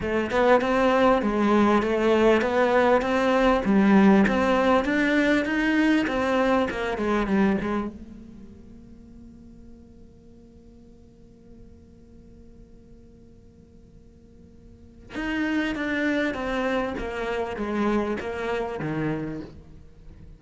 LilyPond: \new Staff \with { instrumentName = "cello" } { \time 4/4 \tempo 4 = 99 a8 b8 c'4 gis4 a4 | b4 c'4 g4 c'4 | d'4 dis'4 c'4 ais8 gis8 | g8 gis8 ais2.~ |
ais1~ | ais1~ | ais4 dis'4 d'4 c'4 | ais4 gis4 ais4 dis4 | }